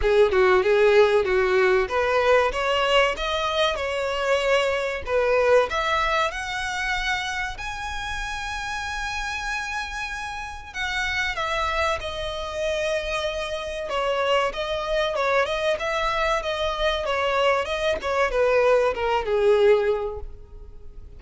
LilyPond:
\new Staff \with { instrumentName = "violin" } { \time 4/4 \tempo 4 = 95 gis'8 fis'8 gis'4 fis'4 b'4 | cis''4 dis''4 cis''2 | b'4 e''4 fis''2 | gis''1~ |
gis''4 fis''4 e''4 dis''4~ | dis''2 cis''4 dis''4 | cis''8 dis''8 e''4 dis''4 cis''4 | dis''8 cis''8 b'4 ais'8 gis'4. | }